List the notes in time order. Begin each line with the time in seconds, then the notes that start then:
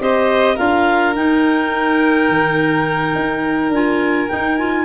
0.00 C4 G4 C5 D#5
0.55 D4 F4 A#4 F5
1.16 D#4 G5
2.28 D#3
3.15 D#4
3.69 D4 F4 G#5
4.29 D#4 G5
4.57 F4 G#5